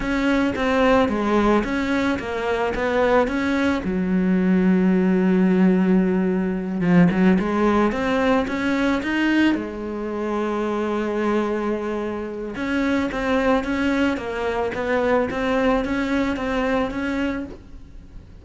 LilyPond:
\new Staff \with { instrumentName = "cello" } { \time 4/4 \tempo 4 = 110 cis'4 c'4 gis4 cis'4 | ais4 b4 cis'4 fis4~ | fis1~ | fis8 f8 fis8 gis4 c'4 cis'8~ |
cis'8 dis'4 gis2~ gis8~ | gis2. cis'4 | c'4 cis'4 ais4 b4 | c'4 cis'4 c'4 cis'4 | }